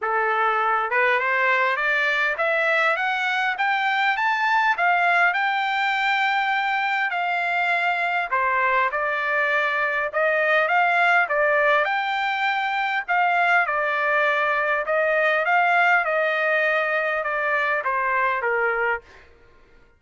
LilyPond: \new Staff \with { instrumentName = "trumpet" } { \time 4/4 \tempo 4 = 101 a'4. b'8 c''4 d''4 | e''4 fis''4 g''4 a''4 | f''4 g''2. | f''2 c''4 d''4~ |
d''4 dis''4 f''4 d''4 | g''2 f''4 d''4~ | d''4 dis''4 f''4 dis''4~ | dis''4 d''4 c''4 ais'4 | }